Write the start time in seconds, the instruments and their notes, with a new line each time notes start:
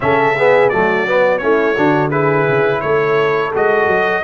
0.00 tuba C#3, trombone C#4, horn A4, trumpet E5
0.37 trombone B3, horn G#4
0.69 tuba F#3, trombone A3, horn F#4, trumpet D5
1.06 trombone B3
1.37 tuba A3, trombone C#4, horn E4, trumpet C#5
1.75 tuba D3, trombone D4, horn F#4
2.10 trombone E4, horn G#4, trumpet B4
2.47 tuba C#3
2.81 tuba A3, horn A4, trumpet C#5
3.54 tuba G#3, trombone F#4, trumpet D#5
3.86 tuba F#3